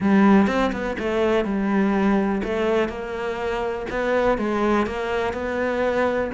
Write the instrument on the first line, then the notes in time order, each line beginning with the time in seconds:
cello
0.00 G3
0.47 C4
0.72 B3
0.98 A3
1.44 G3
2.43 A3
2.88 A#3
3.90 B3
4.38 G#3
4.86 A#3
5.33 B3